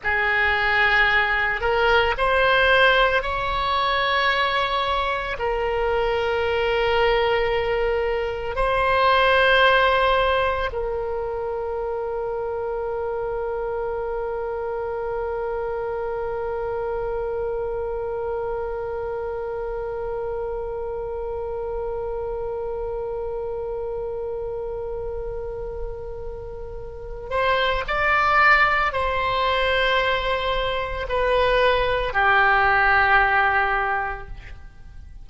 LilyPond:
\new Staff \with { instrumentName = "oboe" } { \time 4/4 \tempo 4 = 56 gis'4. ais'8 c''4 cis''4~ | cis''4 ais'2. | c''2 ais'2~ | ais'1~ |
ais'1~ | ais'1~ | ais'4. c''8 d''4 c''4~ | c''4 b'4 g'2 | }